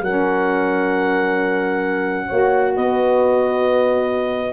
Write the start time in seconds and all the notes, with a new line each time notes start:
0.00 F#3 C#4 A#4 F#5
2.27 A#3 F#4 C#5
2.75 B3 B4 D#5